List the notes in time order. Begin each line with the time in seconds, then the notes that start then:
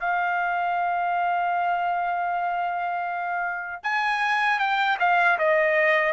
0.00 F5
3.83 G#5
4.59 G5
5.00 F5
5.38 D#5